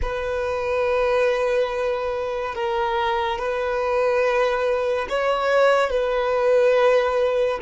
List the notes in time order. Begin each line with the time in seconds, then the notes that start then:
0.02 B4
2.54 A#4
3.38 B4
5.09 C#5
5.90 B4